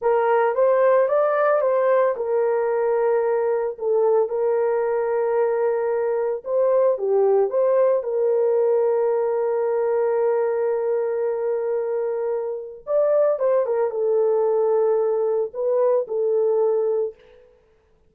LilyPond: \new Staff \with { instrumentName = "horn" } { \time 4/4 \tempo 4 = 112 ais'4 c''4 d''4 c''4 | ais'2. a'4 | ais'1 | c''4 g'4 c''4 ais'4~ |
ais'1~ | ais'1 | d''4 c''8 ais'8 a'2~ | a'4 b'4 a'2 | }